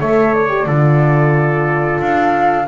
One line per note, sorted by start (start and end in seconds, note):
0.00 0.67 A3
0.00 0.49 A4
0.00 0.67 C#5
0.00 0.34 E5
0.34 2.01 D5
0.49 0.66 G4
0.67 2.00 D3
0.67 2.68 F4
0.67 2.67 A4
2.01 2.68 D4
2.01 2.67 F5